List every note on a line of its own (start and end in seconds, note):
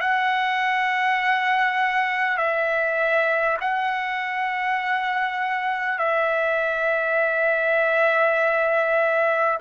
0.00 2.37 F#5
2.37 3.57 E5
3.61 5.99 F#5
5.99 9.59 E5